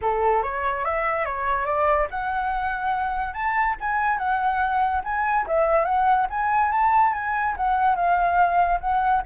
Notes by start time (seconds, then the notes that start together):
0.01 A4
0.42 C#5
0.84 E5
1.25 C#5
1.65 D5
2.10 F#5
3.33 A5
3.80 G#5
4.17 F#5
5.03 G#5
5.46 E5
5.84 F#5
6.29 G#5
6.71 A5
7.13 G#5
7.56 F#5
7.95 F5
8.80 F#5